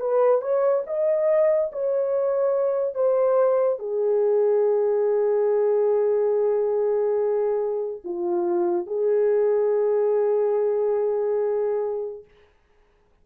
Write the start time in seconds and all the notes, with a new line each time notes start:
0.00 B4
0.41 C#5
0.86 D#5
1.72 C#5
2.94 C5
3.79 G#4
8.04 F4
8.86 G#4